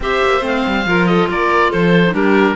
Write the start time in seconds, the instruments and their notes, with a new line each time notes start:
0.00 cello C4, clarinet G4, violin C5, oboe E5
0.23 cello A#3
0.41 cello A3, clarinet C4, oboe F5
0.66 cello G3
0.85 cello F3, clarinet F4, violin A#4
1.06 violin A4, oboe D#5
1.29 cello A#3, violin A#4, oboe D5
1.70 cello F3, violin A4, oboe C5
2.05 clarinet D#4
2.13 cello G3, clarinet D4, violin G4, oboe A#4